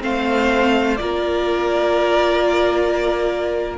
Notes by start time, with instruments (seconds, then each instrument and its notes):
0.00 cello A3, viola C4, violin C5 F5
0.97 cello A#3, viola F4, violin A#4 D5